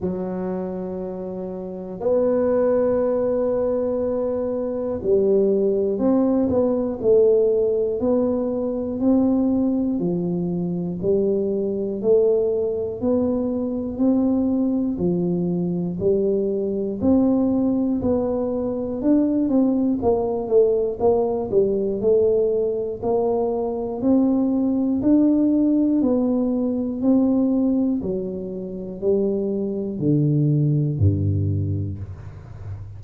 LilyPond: \new Staff \with { instrumentName = "tuba" } { \time 4/4 \tempo 4 = 60 fis2 b2~ | b4 g4 c'8 b8 a4 | b4 c'4 f4 g4 | a4 b4 c'4 f4 |
g4 c'4 b4 d'8 c'8 | ais8 a8 ais8 g8 a4 ais4 | c'4 d'4 b4 c'4 | fis4 g4 d4 g,4 | }